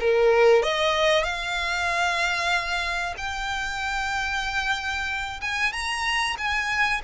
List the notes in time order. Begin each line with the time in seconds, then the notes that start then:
0.00 A#4
0.63 D#5
1.23 F5
3.17 G5
5.41 G#5
5.72 A#5
6.38 G#5